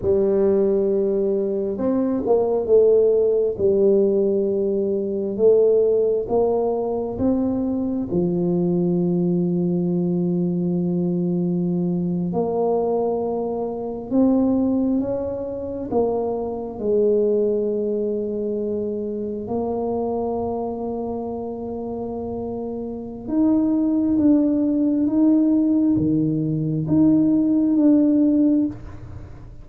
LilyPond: \new Staff \with { instrumentName = "tuba" } { \time 4/4 \tempo 4 = 67 g2 c'8 ais8 a4 | g2 a4 ais4 | c'4 f2.~ | f4.~ f16 ais2 c'16~ |
c'8. cis'4 ais4 gis4~ gis16~ | gis4.~ gis16 ais2~ ais16~ | ais2 dis'4 d'4 | dis'4 dis4 dis'4 d'4 | }